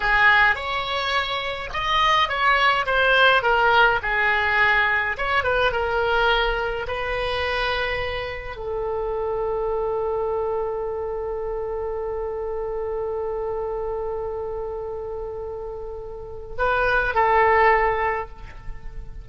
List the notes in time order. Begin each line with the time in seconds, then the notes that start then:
0.00 G#4
0.55 C#5
1.73 D#5
2.28 C#5
2.86 C5
3.42 A#4
4.02 G#4
5.17 C#5
5.43 B4
5.71 A#4
6.87 B4
8.56 A4
16.57 B4
17.14 A4